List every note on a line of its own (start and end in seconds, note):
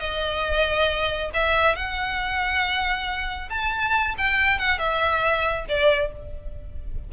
0.00 1.30 D#5
1.34 1.76 E5
1.76 3.50 F#5
3.50 4.15 A5
4.18 4.59 G5
4.59 4.79 F#5
4.79 5.66 E5
5.69 6.12 D5